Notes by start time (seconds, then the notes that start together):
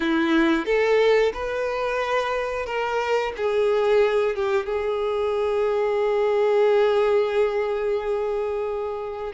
0.00 E4
0.65 A4
1.33 B4
2.66 A#4
3.36 G#4
4.35 G4
4.66 G#4